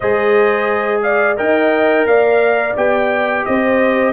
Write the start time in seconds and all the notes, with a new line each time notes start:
0.00 G#3 G#4 C5 D#5
1.02 D5 F5
1.36 D#4 A#4 D#5 G5
2.05 A#3 D5 F5
2.76 B3 G4 G5
3.45 C4 C5 D#5